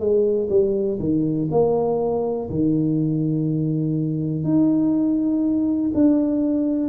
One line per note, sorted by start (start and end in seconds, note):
0.00 0.49 G#3
0.50 0.99 G3
1.00 1.49 D#3
1.51 2.49 A#3
2.50 4.44 D#3
4.44 5.92 D#4
5.95 6.89 D4